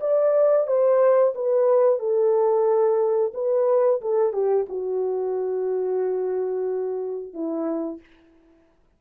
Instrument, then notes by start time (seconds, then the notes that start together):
horn
0.00 D5
0.67 C5
1.35 B4
1.99 A4
3.34 B4
4.01 A4
4.33 G4
4.68 F#4
7.33 E4